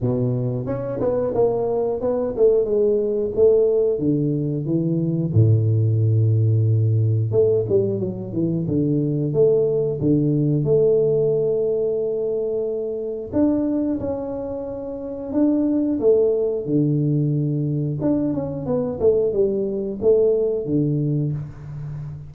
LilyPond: \new Staff \with { instrumentName = "tuba" } { \time 4/4 \tempo 4 = 90 b,4 cis'8 b8 ais4 b8 a8 | gis4 a4 d4 e4 | a,2. a8 g8 | fis8 e8 d4 a4 d4 |
a1 | d'4 cis'2 d'4 | a4 d2 d'8 cis'8 | b8 a8 g4 a4 d4 | }